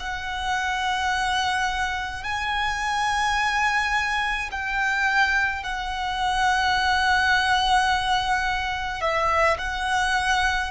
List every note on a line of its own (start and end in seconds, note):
0.00 2.24 F#5
2.24 4.50 G#5
4.52 5.64 G5
5.64 9.01 F#5
9.01 9.58 E5
9.59 10.71 F#5